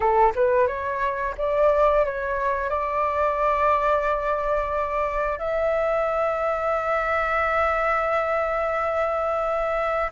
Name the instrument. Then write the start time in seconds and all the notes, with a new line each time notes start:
flute
0.00 A4
0.35 B4
0.67 C#5
1.37 D5
2.05 C#5
2.69 D5
5.38 E5